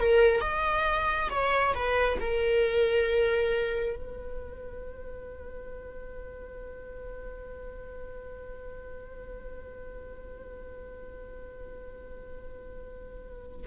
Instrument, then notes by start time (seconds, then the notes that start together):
viola
0.00 A#4
0.41 D#5
1.30 C#5
1.74 B4
2.21 A#4
3.96 B4